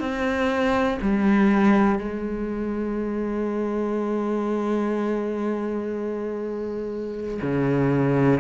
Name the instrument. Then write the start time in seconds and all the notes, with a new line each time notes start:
cello
0.00 C4
1.01 G3
1.99 G#3
7.42 C#3